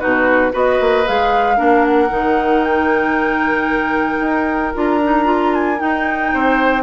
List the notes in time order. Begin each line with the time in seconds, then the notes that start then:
0.00 B2 D#4 F#4 B4
0.52 B3 F#4 B4 D#5
0.81 A#3
1.07 G#3 G#4 F5
1.57 A#3 D4 A#4
1.86 F#5
2.10 D#3 D#4
2.64 G5
4.21 D#4
4.75 D4 F4 A#5
5.04 D#4
5.25 F4
5.55 G#5
5.79 D#4 G5
6.34 C4 C5